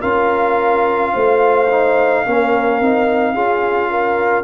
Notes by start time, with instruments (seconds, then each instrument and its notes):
0.00 tuba C#4, trombone F4, horn A#4, trumpet F5
1.13 tuba A3, horn C5
1.70 trombone D#4
2.25 tuba A#3, trombone C#4, horn A#4
2.80 tuba C4, trombone D#4
3.34 tuba C#4, trombone F4, horn G#4
3.90 horn A#4